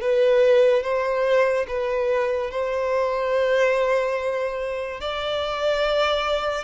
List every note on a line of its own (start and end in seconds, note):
0.00 0.83 B4
0.83 1.66 C5
1.67 2.50 B4
2.50 5.00 C5
5.00 6.64 D5